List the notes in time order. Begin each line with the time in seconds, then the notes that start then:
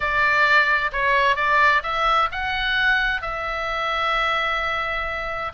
0.00 D5
0.92 C#5
1.36 D5
1.83 E5
2.31 F#5
3.21 E5